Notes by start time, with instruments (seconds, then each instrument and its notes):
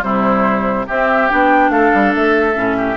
0.00 bassoon C3, clarinet G3, oboe E4, flute C5
0.86 clarinet C4, bassoon C4, oboe G4, flute E5
1.28 bassoon B3, clarinet D4, flute G5
1.69 bassoon A3, oboe A4, flute F5
1.94 bassoon G3
2.15 bassoon A3, flute E5
2.54 bassoon A2, clarinet C#4
2.77 oboe G4